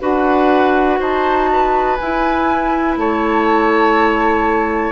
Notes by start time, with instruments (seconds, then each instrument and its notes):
0.00 bassoon D4, clarinet F#4, oboe B4, flute F#5
0.99 bassoon D#4, oboe C5, flute A5
1.52 oboe B4
1.97 bassoon E4, clarinet E4, flute G#5
2.97 bassoon A3, oboe C#5, flute A5